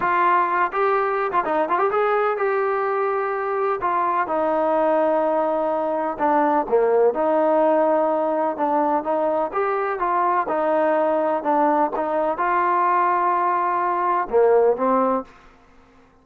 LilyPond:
\new Staff \with { instrumentName = "trombone" } { \time 4/4 \tempo 4 = 126 f'4. g'4~ g'16 f'16 dis'8 f'16 g'16 | gis'4 g'2. | f'4 dis'2.~ | dis'4 d'4 ais4 dis'4~ |
dis'2 d'4 dis'4 | g'4 f'4 dis'2 | d'4 dis'4 f'2~ | f'2 ais4 c'4 | }